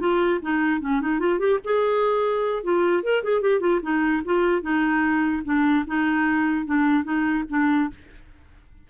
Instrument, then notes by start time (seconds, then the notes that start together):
clarinet
0.00 F4
0.42 D#4
0.81 C#4
1.01 D#4
1.20 F4
1.39 G4
1.64 G#4
2.64 F4
3.03 A#4
3.23 G#4
3.42 G4
3.60 F4
3.83 D#4
4.25 F4
4.62 D#4
5.45 D4
5.87 D#4
6.66 D4
7.04 D#4
7.50 D4